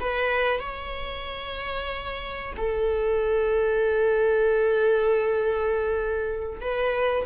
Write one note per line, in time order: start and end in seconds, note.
0.00 0.60 B4
0.60 2.53 C#5
2.57 6.60 A4
6.61 7.26 B4